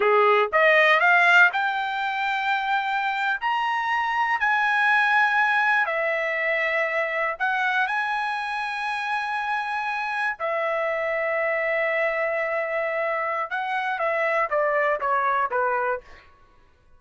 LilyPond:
\new Staff \with { instrumentName = "trumpet" } { \time 4/4 \tempo 4 = 120 gis'4 dis''4 f''4 g''4~ | g''2~ g''8. ais''4~ ais''16~ | ais''8. gis''2. e''16~ | e''2~ e''8. fis''4 gis''16~ |
gis''1~ | gis''8. e''2.~ e''16~ | e''2. fis''4 | e''4 d''4 cis''4 b'4 | }